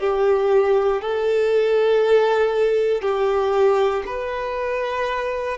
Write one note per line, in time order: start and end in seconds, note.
0.00 1.01 G4
1.01 3.01 A4
3.01 4.03 G4
4.06 5.57 B4